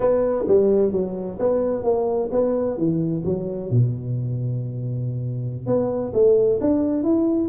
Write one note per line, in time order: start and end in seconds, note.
0.00 0.45 B3
0.47 0.92 G3
0.92 1.38 F#3
1.39 1.83 B3
1.83 2.29 A#3
2.31 2.77 B3
2.77 3.23 E3
3.24 3.70 F#3
3.70 5.66 B2
5.66 6.12 B3
6.13 6.59 A3
6.60 7.03 D4
7.03 7.48 E4